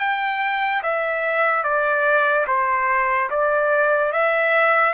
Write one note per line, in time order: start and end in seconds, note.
0.00 0.82 G5
0.83 1.64 E5
1.64 2.46 D5
2.47 3.30 C5
3.30 4.12 D5
4.12 4.94 E5